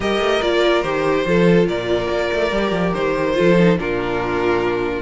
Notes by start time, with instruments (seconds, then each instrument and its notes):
0.00 cello G3, viola G4, violin A#4 D#5
0.18 cello A3
0.41 cello A#3, viola F4, violin D5
0.82 cello D#3, viola G4, violin C5
1.25 cello F3, viola F4, violin A4
1.67 cello A#2, violin A#4 D5
2.09 cello A#3
2.32 cello A3
2.51 cello G3, viola G4
2.71 cello F3
2.93 cello D#3, violin C5
3.34 cello F3, viola F4, violin A4
3.59 viola D#4
3.77 cello A#2, viola D4, violin F4 A#4